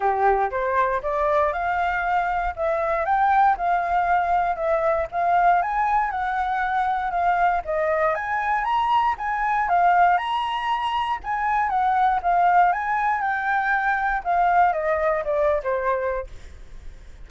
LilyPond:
\new Staff \with { instrumentName = "flute" } { \time 4/4 \tempo 4 = 118 g'4 c''4 d''4 f''4~ | f''4 e''4 g''4 f''4~ | f''4 e''4 f''4 gis''4 | fis''2 f''4 dis''4 |
gis''4 ais''4 gis''4 f''4 | ais''2 gis''4 fis''4 | f''4 gis''4 g''2 | f''4 dis''4 d''8. c''4~ c''16 | }